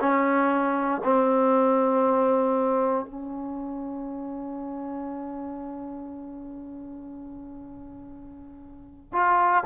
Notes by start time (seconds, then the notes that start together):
0.00 C#4
1.04 C4
3.06 C#4
9.13 F4